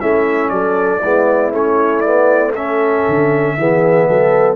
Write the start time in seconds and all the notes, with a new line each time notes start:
0.00 A3 C#4 E4 E5
0.50 F#3 A4 D5
1.00 G#3 B3 E4
1.51 A3 C#4 C#5
2.00 B3 D5
2.53 C#4 A4 E5
3.08 D3
3.57 E3 B3 G#4
4.09 F#3 A4